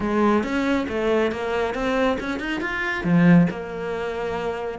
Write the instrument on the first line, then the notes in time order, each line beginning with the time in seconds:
cello
0.00 G#3
0.43 C#4
0.88 A3
1.31 A#3
1.74 C4
2.20 C#4
2.39 D#4
2.60 F4
3.03 F3
3.50 A#3